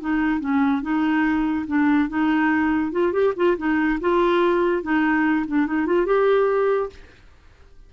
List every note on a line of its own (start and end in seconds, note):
0.00 0.40 D#4
0.40 0.82 C#4
0.82 1.66 D#4
1.67 2.09 D4
2.09 2.91 D#4
2.91 3.12 F4
3.12 3.33 G4
3.36 3.57 F4
3.57 3.99 D#4
4.01 4.83 F4
4.83 5.46 D#4
5.47 5.67 D4
5.67 5.86 D#4
5.86 6.06 F4
6.06 6.89 G4